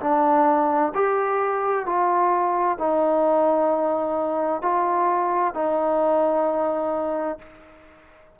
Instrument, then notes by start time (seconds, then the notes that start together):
trombone
0.00 D4
0.94 G4
1.85 F4
2.78 D#4
4.62 F4
5.54 D#4